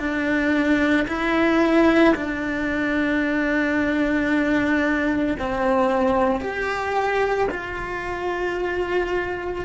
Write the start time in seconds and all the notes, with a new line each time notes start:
0.00 D4
1.08 E4
2.15 D4
5.39 C4
6.41 G4
7.51 F4